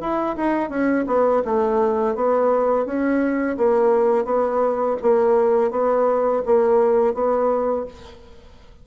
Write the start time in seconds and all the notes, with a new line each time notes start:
0.00 E4
0.36 D#4
0.69 C#4
1.06 B3
1.44 A3
2.15 B3
2.85 C#4
3.57 A#3
4.25 B3
5.02 A#3
5.70 B3
6.45 A#3
7.14 B3